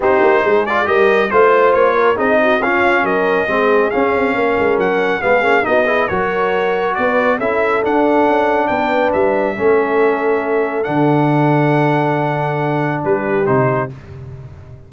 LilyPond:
<<
  \new Staff \with { instrumentName = "trumpet" } { \time 4/4 \tempo 4 = 138 c''4. d''8 dis''4 c''4 | cis''4 dis''4 f''4 dis''4~ | dis''4 f''2 fis''4 | f''4 dis''4 cis''2 |
d''4 e''4 fis''2 | g''4 e''2.~ | e''4 fis''2.~ | fis''2 b'4 c''4 | }
  \new Staff \with { instrumentName = "horn" } { \time 4/4 g'4 gis'4 ais'4 c''4~ | c''8 ais'8 gis'8 fis'8 f'4 ais'4 | gis'2 ais'2 | gis'4 fis'8 gis'8 ais'2 |
b'4 a'2. | b'2 a'2~ | a'1~ | a'2 g'2 | }
  \new Staff \with { instrumentName = "trombone" } { \time 4/4 dis'4. f'8 g'4 f'4~ | f'4 dis'4 cis'2 | c'4 cis'2. | b8 cis'8 dis'8 e'8 fis'2~ |
fis'4 e'4 d'2~ | d'2 cis'2~ | cis'4 d'2.~ | d'2. dis'4 | }
  \new Staff \with { instrumentName = "tuba" } { \time 4/4 c'8 ais8 gis4 g4 a4 | ais4 c'4 cis'4 fis4 | gis4 cis'8 c'8 ais8 gis8 fis4 | gis8 ais8 b4 fis2 |
b4 cis'4 d'4 cis'4 | b4 g4 a2~ | a4 d2.~ | d2 g4 c4 | }
>>